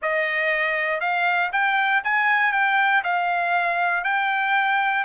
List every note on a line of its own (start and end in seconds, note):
0.02 1.00 D#5
1.00 1.51 F5
1.52 2.02 G5
2.04 2.52 G#5
2.52 3.02 G5
3.03 4.04 F5
4.04 5.04 G5